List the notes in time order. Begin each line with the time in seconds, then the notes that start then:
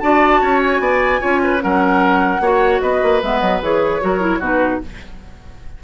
0.00 D4 F#4 D5 A5
0.42 C#4 C#5
0.61 G#5
0.80 B3 D5
1.20 C#4 F4 C#5
1.44 B4
1.60 F#3 C#4 A#4 F#5
2.40 A#3 F#4 C#5
2.81 B3 B4 D#5
3.03 A#3
3.23 G#3 B3 E5
3.40 F#3 D#5
3.62 E3 G#4 C#5
4.01 F#3 F#4 A#4
4.20 E4
4.39 B2 D#4 F#4 B4